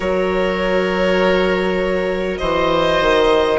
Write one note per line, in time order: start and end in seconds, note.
0.00 2.39 F#3
0.00 3.58 F#4
0.00 2.39 A#4
0.00 2.38 C#5
2.38 3.00 E3
2.38 3.58 C5
2.38 3.58 D#5
3.00 3.58 D#3